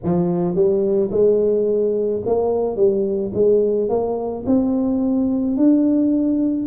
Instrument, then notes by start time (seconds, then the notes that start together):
tuba
0.03 F3
0.55 G3
1.11 G#3
2.26 A#3
2.76 G3
3.34 G#3
3.89 A#3
4.46 C4
5.56 D4